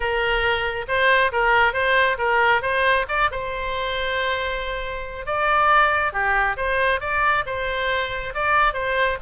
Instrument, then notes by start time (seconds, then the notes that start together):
oboe
0.00 A#4
0.88 C5
1.32 A#4
1.73 C5
2.18 A#4
2.62 C5
3.08 D5
3.31 C5
5.26 D5
6.12 G4
6.57 C5
7.00 D5
7.46 C5
8.34 D5
8.73 C5